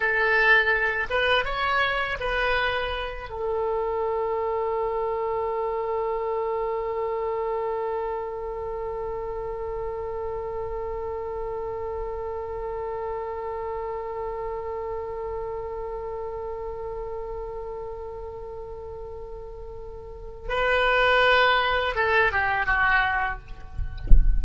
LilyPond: \new Staff \with { instrumentName = "oboe" } { \time 4/4 \tempo 4 = 82 a'4. b'8 cis''4 b'4~ | b'8 a'2.~ a'8~ | a'1~ | a'1~ |
a'1~ | a'1~ | a'1 | b'2 a'8 g'8 fis'4 | }